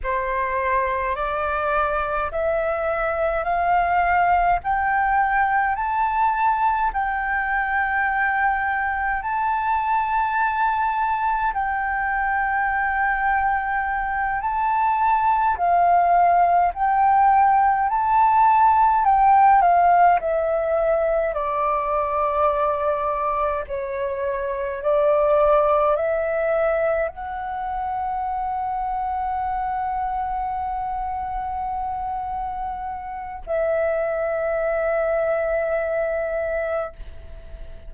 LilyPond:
\new Staff \with { instrumentName = "flute" } { \time 4/4 \tempo 4 = 52 c''4 d''4 e''4 f''4 | g''4 a''4 g''2 | a''2 g''2~ | g''8 a''4 f''4 g''4 a''8~ |
a''8 g''8 f''8 e''4 d''4.~ | d''8 cis''4 d''4 e''4 fis''8~ | fis''1~ | fis''4 e''2. | }